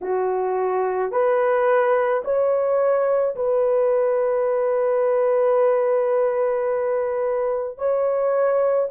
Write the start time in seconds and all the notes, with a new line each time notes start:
0.01 F#4
1.11 B4
2.24 C#5
3.35 B4
7.78 C#5